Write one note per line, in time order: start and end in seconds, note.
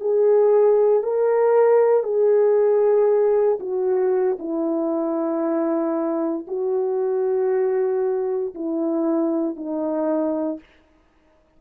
0.00 1.03 G#4
1.03 2.04 A#4
2.04 3.59 G#4
3.60 4.37 F#4
4.39 6.46 E4
6.47 8.54 F#4
8.55 9.56 E4
9.56 10.60 D#4